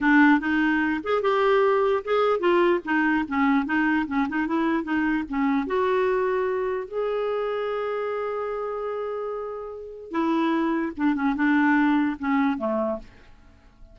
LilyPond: \new Staff \with { instrumentName = "clarinet" } { \time 4/4 \tempo 4 = 148 d'4 dis'4. gis'8 g'4~ | g'4 gis'4 f'4 dis'4 | cis'4 dis'4 cis'8 dis'8 e'4 | dis'4 cis'4 fis'2~ |
fis'4 gis'2.~ | gis'1~ | gis'4 e'2 d'8 cis'8 | d'2 cis'4 a4 | }